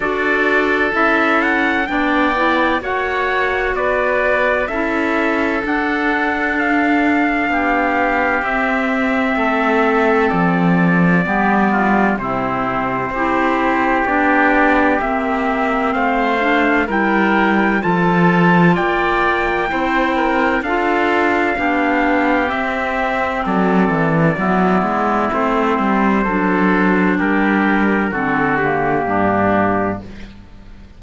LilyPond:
<<
  \new Staff \with { instrumentName = "trumpet" } { \time 4/4 \tempo 4 = 64 d''4 e''8 fis''8 g''4 fis''4 | d''4 e''4 fis''4 f''4~ | f''4 e''2 d''4~ | d''4 c''2 d''4 |
e''4 f''4 g''4 a''4 | g''2 f''2 | e''4 d''2 c''4~ | c''4 ais'4 a'8 g'4. | }
  \new Staff \with { instrumentName = "oboe" } { \time 4/4 a'2 d''4 cis''4 | b'4 a'2. | g'2 a'2 | g'8 f'8 e'4 g'2~ |
g'4 c''4 ais'4 a'4 | d''4 c''8 ais'8 a'4 g'4~ | g'4 a'4 e'2 | a'4 g'4 fis'4 d'4 | }
  \new Staff \with { instrumentName = "clarinet" } { \time 4/4 fis'4 e'4 d'8 e'8 fis'4~ | fis'4 e'4 d'2~ | d'4 c'2. | b4 c'4 e'4 d'4 |
c'4. d'8 e'4 f'4~ | f'4 e'4 f'4 d'4 | c'2 b4 c'4 | d'2 c'8 ais4. | }
  \new Staff \with { instrumentName = "cello" } { \time 4/4 d'4 cis'4 b4 ais4 | b4 cis'4 d'2 | b4 c'4 a4 f4 | g4 c4 c'4 b4 |
ais4 a4 g4 f4 | ais4 c'4 d'4 b4 | c'4 fis8 e8 fis8 gis8 a8 g8 | fis4 g4 d4 g,4 | }
>>